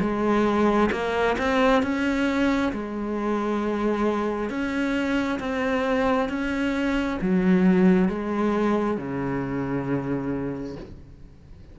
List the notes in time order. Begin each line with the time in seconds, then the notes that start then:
0.00 G#3
0.92 A#3
1.38 C4
1.82 C#4
2.72 G#3
4.49 C#4
5.39 C4
6.28 C#4
7.21 F#3
8.08 G#3
8.97 C#3